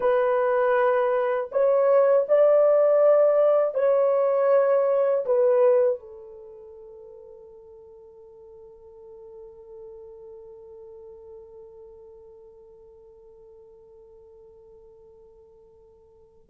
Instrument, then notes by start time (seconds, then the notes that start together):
horn
0.00 B4
1.51 C#5
2.28 D5
3.74 C#5
5.25 B4
5.99 A4